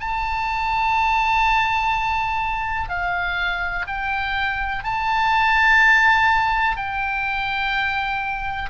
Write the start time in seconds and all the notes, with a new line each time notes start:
0.00 A5
2.89 F5
3.87 G5
4.83 A5
6.77 G5